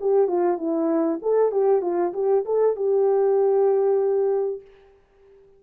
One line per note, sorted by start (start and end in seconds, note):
0.00 0.27 G4
0.27 0.57 F4
0.57 1.19 E4
1.21 1.51 A4
1.51 1.81 G4
1.81 2.12 F4
2.13 2.44 G4
2.45 2.76 A4
2.76 4.61 G4